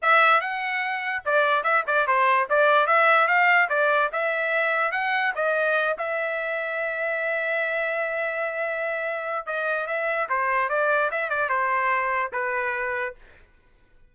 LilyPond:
\new Staff \with { instrumentName = "trumpet" } { \time 4/4 \tempo 4 = 146 e''4 fis''2 d''4 | e''8 d''8 c''4 d''4 e''4 | f''4 d''4 e''2 | fis''4 dis''4. e''4.~ |
e''1~ | e''2. dis''4 | e''4 c''4 d''4 e''8 d''8 | c''2 b'2 | }